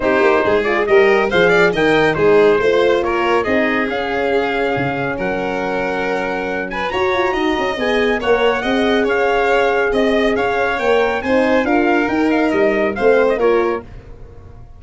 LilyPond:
<<
  \new Staff \with { instrumentName = "trumpet" } { \time 4/4 \tempo 4 = 139 c''4. d''8 dis''4 f''4 | g''4 c''2 cis''4 | dis''4 f''2. | fis''2.~ fis''8 gis''8 |
ais''2 gis''4 fis''4~ | fis''4 f''2 dis''4 | f''4 g''4 gis''4 f''4 | g''8 f''8 dis''4 f''8. dis''16 cis''4 | }
  \new Staff \with { instrumentName = "violin" } { \time 4/4 g'4 gis'4 ais'4 c''8 d''8 | dis''4 gis'4 c''4 ais'4 | gis'1 | ais'2.~ ais'8 b'8 |
cis''4 dis''2 cis''4 | dis''4 cis''2 dis''4 | cis''2 c''4 ais'4~ | ais'2 c''4 ais'4 | }
  \new Staff \with { instrumentName = "horn" } { \time 4/4 dis'4. f'8 g'4 gis'4 | ais'4 dis'4 f'2 | dis'4 cis'2.~ | cis'1 |
fis'2 gis'4 ais'4 | gis'1~ | gis'4 ais'4 dis'4 f'4 | dis'2 c'4 f'4 | }
  \new Staff \with { instrumentName = "tuba" } { \time 4/4 c'8 ais8 gis4 g4 f4 | dis4 gis4 a4 ais4 | c'4 cis'2 cis4 | fis1 |
fis'8 f'8 dis'8 cis'8 b4 ais4 | c'4 cis'2 c'4 | cis'4 ais4 c'4 d'4 | dis'4 g4 a4 ais4 | }
>>